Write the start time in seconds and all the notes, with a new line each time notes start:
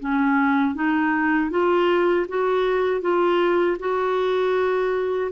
0.00 C#4
0.75 D#4
1.51 F4
2.29 F#4
3.01 F4
3.79 F#4